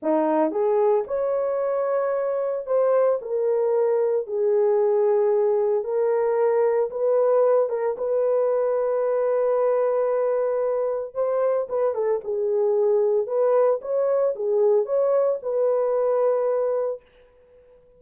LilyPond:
\new Staff \with { instrumentName = "horn" } { \time 4/4 \tempo 4 = 113 dis'4 gis'4 cis''2~ | cis''4 c''4 ais'2 | gis'2. ais'4~ | ais'4 b'4. ais'8 b'4~ |
b'1~ | b'4 c''4 b'8 a'8 gis'4~ | gis'4 b'4 cis''4 gis'4 | cis''4 b'2. | }